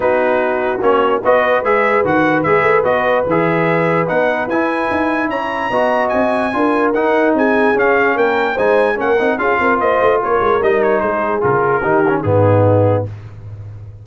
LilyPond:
<<
  \new Staff \with { instrumentName = "trumpet" } { \time 4/4 \tempo 4 = 147 b'2 cis''4 dis''4 | e''4 fis''4 e''4 dis''4 | e''2 fis''4 gis''4~ | gis''4 ais''2 gis''4~ |
gis''4 fis''4 gis''4 f''4 | g''4 gis''4 fis''4 f''4 | dis''4 cis''4 dis''8 cis''8 c''4 | ais'2 gis'2 | }
  \new Staff \with { instrumentName = "horn" } { \time 4/4 fis'2. b'4~ | b'1~ | b'1~ | b'4 cis''4 dis''2 |
ais'2 gis'2 | ais'4 c''4 ais'4 gis'8 ais'8 | c''4 ais'2 gis'4~ | gis'4 g'4 dis'2 | }
  \new Staff \with { instrumentName = "trombone" } { \time 4/4 dis'2 cis'4 fis'4 | gis'4 fis'4 gis'4 fis'4 | gis'2 dis'4 e'4~ | e'2 fis'2 |
f'4 dis'2 cis'4~ | cis'4 dis'4 cis'8 dis'8 f'4~ | f'2 dis'2 | f'4 dis'8 cis'8 b2 | }
  \new Staff \with { instrumentName = "tuba" } { \time 4/4 b2 ais4 b4 | gis4 dis4 gis8 a8 b4 | e2 b4 e'4 | dis'4 cis'4 b4 c'4 |
d'4 dis'4 c'4 cis'4 | ais4 gis4 ais8 c'8 cis'8 c'8 | ais8 a8 ais8 gis8 g4 gis4 | cis4 dis4 gis,2 | }
>>